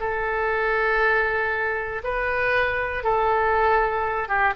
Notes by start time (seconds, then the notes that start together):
0.00 A4
2.03 B4
3.03 A4
4.28 G4